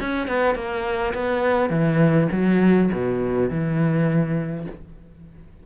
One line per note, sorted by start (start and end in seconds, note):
0.00 0.27 C#4
0.27 0.55 B3
0.55 1.13 A#3
1.14 1.69 B3
1.69 2.27 E3
2.31 2.90 F#3
2.92 3.49 B2
3.49 4.66 E3